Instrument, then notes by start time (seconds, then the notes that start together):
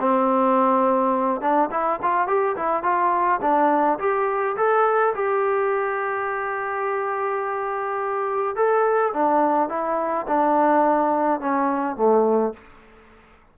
trombone
0.00 C4
1.41 D4
1.71 E4
2.02 F4
2.28 G4
2.56 E4
2.83 F4
3.42 D4
3.99 G4
4.57 A4
5.15 G4
8.56 A4
9.13 D4
9.69 E4
10.28 D4
11.40 C#4
11.96 A3